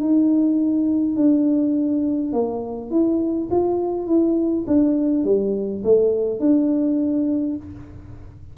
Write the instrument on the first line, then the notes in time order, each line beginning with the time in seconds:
tuba
0.00 D#4
1.16 D4
2.32 A#3
2.90 E4
3.51 F4
4.07 E4
4.67 D4
5.24 G3
5.84 A3
6.39 D4